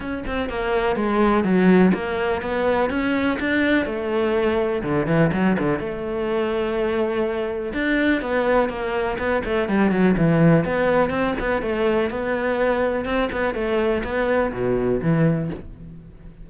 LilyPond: \new Staff \with { instrumentName = "cello" } { \time 4/4 \tempo 4 = 124 cis'8 c'8 ais4 gis4 fis4 | ais4 b4 cis'4 d'4 | a2 d8 e8 fis8 d8 | a1 |
d'4 b4 ais4 b8 a8 | g8 fis8 e4 b4 c'8 b8 | a4 b2 c'8 b8 | a4 b4 b,4 e4 | }